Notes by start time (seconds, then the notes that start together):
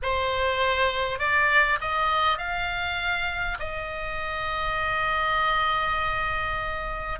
0.02 C5
1.18 D5
1.80 D#5
2.38 F5
3.59 D#5